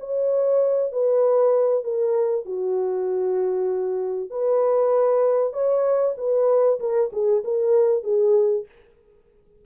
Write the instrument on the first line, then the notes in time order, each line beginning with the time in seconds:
horn
0.00 C#5
0.93 B4
1.84 A#4
2.46 F#4
4.31 B4
5.54 C#5
6.18 B4
6.80 A#4
7.13 G#4
7.45 A#4
8.04 G#4